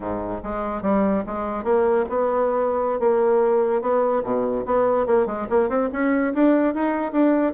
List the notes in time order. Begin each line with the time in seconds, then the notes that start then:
0.00 G#2
0.43 G#3
0.82 G3
1.26 G#3
1.63 A#3
2.09 B3
2.99 A#3
3.81 B3
4.23 B2
4.65 B3
5.06 A#3
5.26 G#3
5.49 A#3
5.69 C4
5.92 C#4
6.34 D4
6.74 D#4
7.12 D4